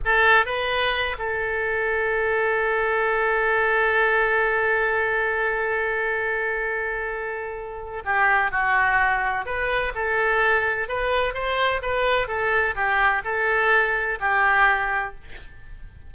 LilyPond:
\new Staff \with { instrumentName = "oboe" } { \time 4/4 \tempo 4 = 127 a'4 b'4. a'4.~ | a'1~ | a'1~ | a'1~ |
a'4 g'4 fis'2 | b'4 a'2 b'4 | c''4 b'4 a'4 g'4 | a'2 g'2 | }